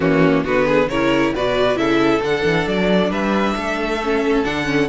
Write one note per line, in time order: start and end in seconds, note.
0.00 0.44 E3
0.00 0.45 A#3
0.00 0.44 C#4
0.00 0.43 F#4
0.44 0.87 D3
0.44 0.89 B3
0.44 0.66 F#4
0.44 0.89 B4
0.66 0.88 G#4
0.87 1.32 C#3
0.87 1.35 E4
0.87 1.34 A#4
0.87 1.33 C#5
1.34 1.75 B2
1.34 1.75 F#4
1.34 1.78 B4
1.34 1.77 D5
1.75 2.20 C#3
1.75 2.20 E4
1.75 3.10 A4
1.75 2.21 E5
2.21 2.43 D3
2.21 4.00 D4
2.21 2.68 F#5
2.44 2.66 E3
2.67 3.10 F#3
2.67 3.12 D5
3.10 3.54 G3
3.10 3.55 B4
3.10 4.44 E5
3.56 4.44 A3
3.56 4.88 A4
4.03 4.44 C#4
4.44 4.88 D3
4.44 4.64 D4
4.44 4.88 F#5
4.64 4.87 C#4